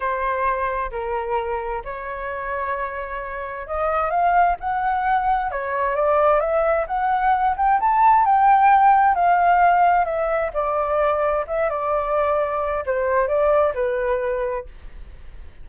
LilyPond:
\new Staff \with { instrumentName = "flute" } { \time 4/4 \tempo 4 = 131 c''2 ais'2 | cis''1 | dis''4 f''4 fis''2 | cis''4 d''4 e''4 fis''4~ |
fis''8 g''8 a''4 g''2 | f''2 e''4 d''4~ | d''4 e''8 d''2~ d''8 | c''4 d''4 b'2 | }